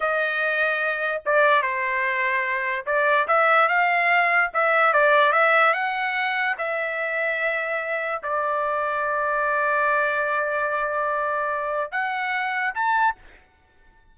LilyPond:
\new Staff \with { instrumentName = "trumpet" } { \time 4/4 \tempo 4 = 146 dis''2. d''4 | c''2. d''4 | e''4 f''2 e''4 | d''4 e''4 fis''2 |
e''1 | d''1~ | d''1~ | d''4 fis''2 a''4 | }